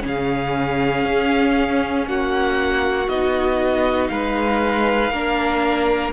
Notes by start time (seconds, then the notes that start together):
0.00 C#3 C#4 G#4
0.07 F5
1.05 C#4
2.07 A#3 F#4 F#5
3.08 B3 D#4 D#5
4.08 G#3 B4 F5
5.11 A#3 D4 A#4